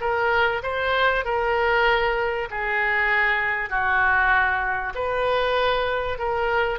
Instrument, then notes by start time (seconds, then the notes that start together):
oboe
0.00 A#4
0.62 C5
1.24 A#4
2.50 G#4
3.69 F#4
4.94 B4
6.18 A#4